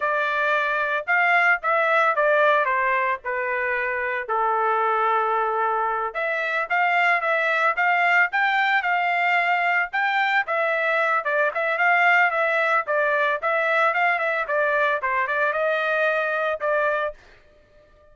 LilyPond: \new Staff \with { instrumentName = "trumpet" } { \time 4/4 \tempo 4 = 112 d''2 f''4 e''4 | d''4 c''4 b'2 | a'2.~ a'8 e''8~ | e''8 f''4 e''4 f''4 g''8~ |
g''8 f''2 g''4 e''8~ | e''4 d''8 e''8 f''4 e''4 | d''4 e''4 f''8 e''8 d''4 | c''8 d''8 dis''2 d''4 | }